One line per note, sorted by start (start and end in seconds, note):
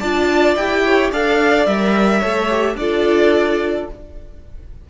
0.00 0.56 D4
0.00 0.58 F4
0.00 0.83 D5
0.00 0.55 A5
0.56 1.11 E4
0.56 1.13 G4
0.56 1.11 G5
0.85 1.11 C#5
1.11 1.67 D4
1.11 1.68 A4
1.11 2.19 D5
1.11 1.66 F5
1.66 2.22 G3
1.66 2.22 A#4
1.66 2.76 E5
2.19 2.76 A3
2.19 2.50 A4
2.19 2.75 C#5
2.50 2.78 G4
2.76 3.86 D4
2.76 3.90 F4
2.76 3.90 A4
2.76 3.88 D5